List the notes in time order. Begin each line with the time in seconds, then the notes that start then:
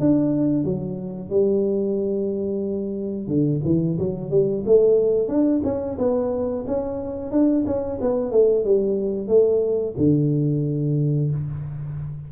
0.00 D4
0.65 F#3
1.30 G3
3.28 D3
3.65 E3
3.99 F#3
4.31 G3
4.66 A3
5.28 D4
5.65 C#4
5.99 B3
6.68 C#4
7.32 D4
7.67 C#4
8.02 B3
8.32 A3
8.65 G3
9.28 A3
9.98 D3